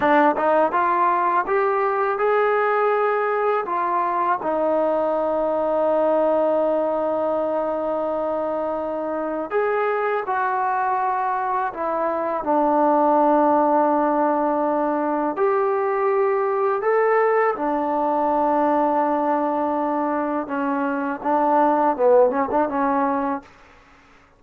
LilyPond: \new Staff \with { instrumentName = "trombone" } { \time 4/4 \tempo 4 = 82 d'8 dis'8 f'4 g'4 gis'4~ | gis'4 f'4 dis'2~ | dis'1~ | dis'4 gis'4 fis'2 |
e'4 d'2.~ | d'4 g'2 a'4 | d'1 | cis'4 d'4 b8 cis'16 d'16 cis'4 | }